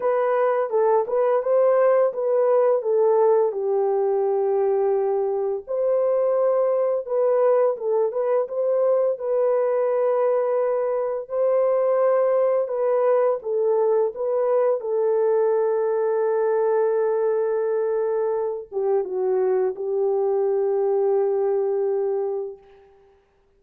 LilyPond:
\new Staff \with { instrumentName = "horn" } { \time 4/4 \tempo 4 = 85 b'4 a'8 b'8 c''4 b'4 | a'4 g'2. | c''2 b'4 a'8 b'8 | c''4 b'2. |
c''2 b'4 a'4 | b'4 a'2.~ | a'2~ a'8 g'8 fis'4 | g'1 | }